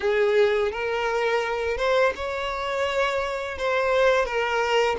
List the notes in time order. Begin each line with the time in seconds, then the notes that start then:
0.00 G#4
0.71 A#4
1.77 C5
2.15 C#5
3.57 C5
4.25 A#4